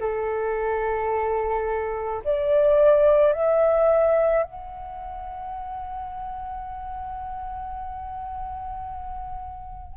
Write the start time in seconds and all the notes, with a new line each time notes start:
0.00 A4
2.24 D5
3.33 E5
4.43 F#5